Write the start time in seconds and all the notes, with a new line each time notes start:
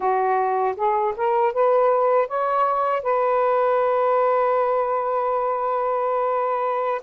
0.00 F#4
0.76 G#4
1.16 A#4
1.53 B4
2.28 C#5
3.02 B4